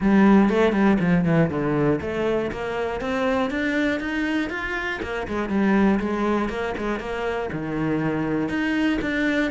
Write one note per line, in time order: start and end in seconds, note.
0.00 0.49 G3
0.49 0.72 A3
0.72 0.97 G3
0.99 1.24 F3
1.25 1.50 E3
1.50 2.00 D3
2.01 2.51 A3
2.51 3.00 A#3
3.00 3.50 C4
3.50 4.00 D4
4.00 4.50 D#4
4.50 5.00 F4
5.02 5.27 A#3
5.27 5.49 G#3
5.49 5.99 G3
5.99 6.49 G#3
6.49 6.74 A#3
6.77 6.99 G#3
6.99 7.49 A#3
7.52 8.48 D#3
8.48 8.98 D#4
9.01 9.51 D4